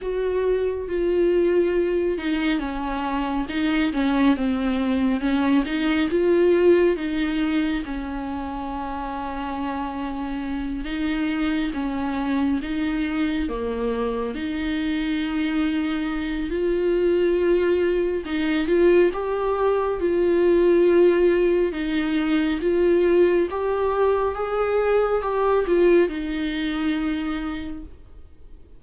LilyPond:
\new Staff \with { instrumentName = "viola" } { \time 4/4 \tempo 4 = 69 fis'4 f'4. dis'8 cis'4 | dis'8 cis'8 c'4 cis'8 dis'8 f'4 | dis'4 cis'2.~ | cis'8 dis'4 cis'4 dis'4 ais8~ |
ais8 dis'2~ dis'8 f'4~ | f'4 dis'8 f'8 g'4 f'4~ | f'4 dis'4 f'4 g'4 | gis'4 g'8 f'8 dis'2 | }